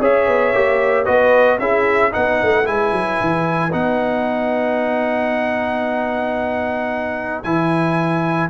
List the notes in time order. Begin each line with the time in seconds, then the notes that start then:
0.00 C#4 G#4 C#5 E5
0.28 B3
0.54 A#3 G4
1.05 B3 F#4 B4 D#5
1.59 C#4 E4 G#4 E5
2.12 B3 D#4 B4 F#5
2.43 A3
2.65 G#3 E4 G#5
2.93 F#3
3.21 E3
3.72 B3 D#4 F#5
7.43 E3 E4 G#5